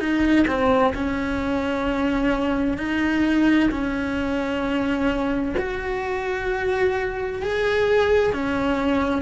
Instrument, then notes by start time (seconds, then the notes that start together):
cello
0.00 D#4
0.48 C4
0.95 C#4
2.78 D#4
3.71 C#4
5.58 F#4
7.43 G#4
8.33 C#4